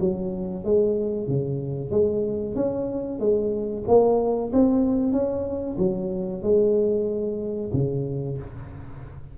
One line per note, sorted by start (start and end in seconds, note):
0.00 0.65 F#3
0.65 1.28 G#3
1.28 1.91 C#3
1.91 2.55 G#3
2.55 3.19 C#4
3.19 3.84 G#3
3.88 4.52 A#3
4.53 5.13 C4
5.13 5.77 C#4
5.78 6.42 F#3
6.42 7.71 G#3
7.73 8.38 C#3